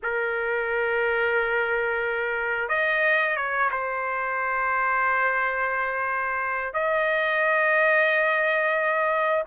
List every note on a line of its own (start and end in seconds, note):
0.02 2.68 A#4
2.68 3.36 D#5
3.36 3.70 C#5
3.71 6.73 C5
6.73 9.43 D#5